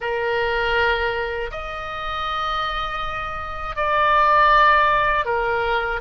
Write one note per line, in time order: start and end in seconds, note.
0.00 1.50 A#4
1.51 3.75 D#5
3.75 5.25 D5
5.25 6.00 A#4